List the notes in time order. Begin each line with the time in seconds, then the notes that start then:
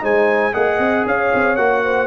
0.00 G#3 D#4 C5 G#5
0.53 A#3 G#4 D#5 F#5
0.78 C4
1.05 C#4 C#5 F5
1.34 C4
1.55 A#3 F#4 F#5
1.84 C5